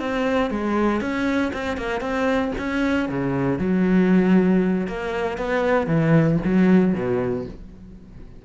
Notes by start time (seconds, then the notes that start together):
0.00 C4
0.51 G#3
1.01 C#4
1.54 C4
1.78 A#3
2.01 C4
2.58 C#4
3.09 C#3
3.59 F#3
4.88 A#3
5.38 B3
5.87 E3
6.45 F#3
6.94 B2